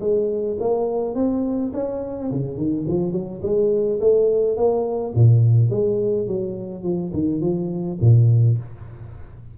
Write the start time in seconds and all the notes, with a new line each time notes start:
0.00 G#3
0.60 A#3
1.15 C4
1.73 C#4
2.31 C#3
2.57 D#3
2.88 F3
3.12 F#3
3.43 G#3
4.00 A3
4.57 A#3
5.15 A#2
5.70 G#3
6.27 F#3
6.83 F3
7.13 D#3
7.41 F3
8.01 A#2